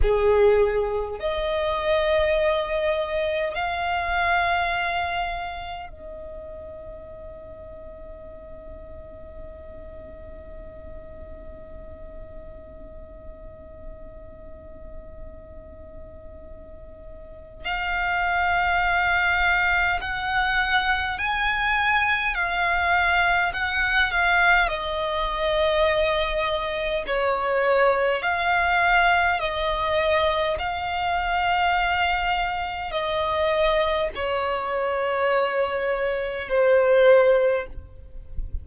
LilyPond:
\new Staff \with { instrumentName = "violin" } { \time 4/4 \tempo 4 = 51 gis'4 dis''2 f''4~ | f''4 dis''2.~ | dis''1~ | dis''2. f''4~ |
f''4 fis''4 gis''4 f''4 | fis''8 f''8 dis''2 cis''4 | f''4 dis''4 f''2 | dis''4 cis''2 c''4 | }